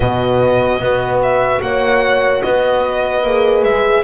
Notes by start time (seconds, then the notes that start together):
0.00 B2 B3 F#4 D#5
0.79 B3 F#4 B4
1.22 E5
1.61 A#3 C#5 F#5
2.42 B3 B4 D#5
3.23 A#3 G#4
3.63 G#3 E5